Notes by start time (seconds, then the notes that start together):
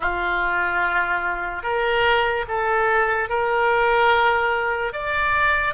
0.00 F4
1.63 A#4
2.47 A4
3.29 A#4
4.92 D5